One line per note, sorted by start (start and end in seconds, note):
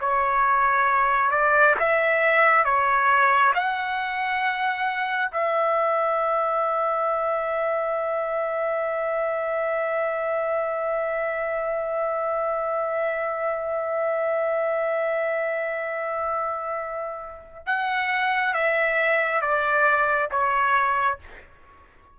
0.00 1.31 C#5
1.31 1.75 D5
1.79 2.65 E5
2.65 3.53 C#5
3.54 5.31 F#5
5.31 17.66 E5
17.66 18.54 F#5
18.54 19.41 E5
19.41 20.29 D5
20.31 21.19 C#5